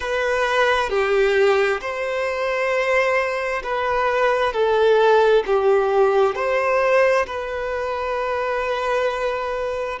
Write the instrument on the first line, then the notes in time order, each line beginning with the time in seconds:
violin
0.00 B4
0.89 G4
1.80 C5
3.63 B4
4.52 A4
5.46 G4
6.35 C5
7.26 B4